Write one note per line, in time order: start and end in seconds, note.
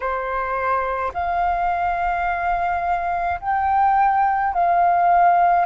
0.00 1.12 C5
1.13 3.40 F5
3.40 4.53 G5
4.53 5.65 F5